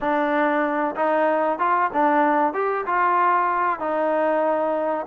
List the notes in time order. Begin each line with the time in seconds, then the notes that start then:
0.00 D4
0.95 D#4
1.58 F4
1.93 D4
2.53 G4
2.86 F4
3.79 D#4